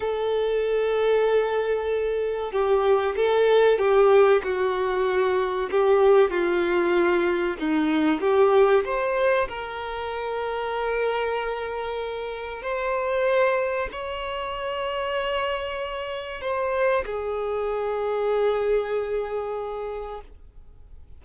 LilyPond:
\new Staff \with { instrumentName = "violin" } { \time 4/4 \tempo 4 = 95 a'1 | g'4 a'4 g'4 fis'4~ | fis'4 g'4 f'2 | dis'4 g'4 c''4 ais'4~ |
ais'1 | c''2 cis''2~ | cis''2 c''4 gis'4~ | gis'1 | }